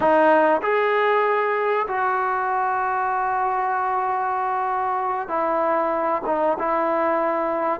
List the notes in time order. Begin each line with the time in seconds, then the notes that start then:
0.00 D#4
0.62 G#4
1.87 F#4
5.28 E4
6.26 D#4
6.58 E4